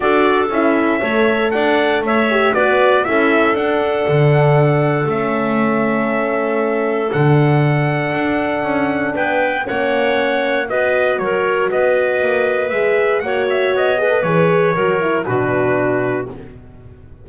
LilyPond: <<
  \new Staff \with { instrumentName = "trumpet" } { \time 4/4 \tempo 4 = 118 d''4 e''2 fis''4 | e''4 d''4 e''4 fis''4~ | fis''2 e''2~ | e''2 fis''2~ |
fis''2 g''4 fis''4~ | fis''4 dis''4 cis''4 dis''4~ | dis''4 e''4 fis''8 e''8 dis''4 | cis''2 b'2 | }
  \new Staff \with { instrumentName = "clarinet" } { \time 4/4 a'2 cis''4 d''4 | cis''4 b'4 a'2~ | a'1~ | a'1~ |
a'2 b'4 cis''4~ | cis''4 b'4 ais'4 b'4~ | b'2 cis''4. b'8~ | b'4 ais'4 fis'2 | }
  \new Staff \with { instrumentName = "horn" } { \time 4/4 fis'4 e'4 a'2~ | a'8 g'8 fis'4 e'4 d'4~ | d'2 cis'2~ | cis'2 d'2~ |
d'2. cis'4~ | cis'4 fis'2.~ | fis'4 gis'4 fis'4. gis'16 a'16 | gis'4 fis'8 e'8 d'2 | }
  \new Staff \with { instrumentName = "double bass" } { \time 4/4 d'4 cis'4 a4 d'4 | a4 b4 cis'4 d'4 | d2 a2~ | a2 d2 |
d'4 cis'4 b4 ais4~ | ais4 b4 fis4 b4 | ais4 gis4 ais4 b4 | e4 fis4 b,2 | }
>>